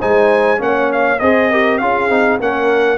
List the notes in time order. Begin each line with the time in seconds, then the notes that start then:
0.00 G#3 D#4 C5 G#5
0.58 A#3 C#4 C#5 F#5
0.93 F5
1.20 C4 G#4 C5 D#5
1.51 G4 A#4
1.79 C#4 F4 G#4 F5
2.10 C4 D#4
2.41 A#3 C#4 A#4 F#5